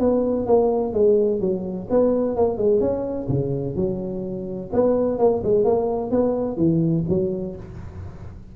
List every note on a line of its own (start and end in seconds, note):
0.00 0.47 B3
0.47 0.94 A#3
0.94 1.41 G#3
1.41 1.88 F#3
1.90 2.36 B3
2.36 2.58 A#3
2.58 2.80 G#3
2.80 3.28 C#4
3.29 3.76 C#3
3.76 4.70 F#3
4.73 5.18 B3
5.18 5.42 A#3
5.44 5.65 G#3
5.65 6.11 A#3
6.11 6.57 B3
6.57 7.04 E3
7.09 7.56 F#3